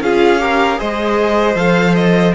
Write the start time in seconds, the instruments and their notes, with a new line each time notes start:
0.00 cello C#4, viola F4, violin G#4 F5
0.39 viola G4, violin A#4
0.76 cello G#3, viola G#4, violin C5 D#5
1.55 cello F3, viola A4, violin F5
1.95 violin D#5